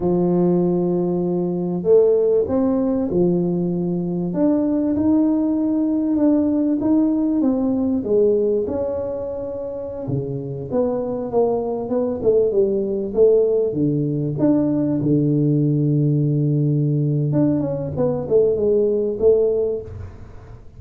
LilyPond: \new Staff \with { instrumentName = "tuba" } { \time 4/4 \tempo 4 = 97 f2. a4 | c'4 f2 d'4 | dis'2 d'4 dis'4 | c'4 gis4 cis'2~ |
cis'16 cis4 b4 ais4 b8 a16~ | a16 g4 a4 d4 d'8.~ | d'16 d2.~ d8. | d'8 cis'8 b8 a8 gis4 a4 | }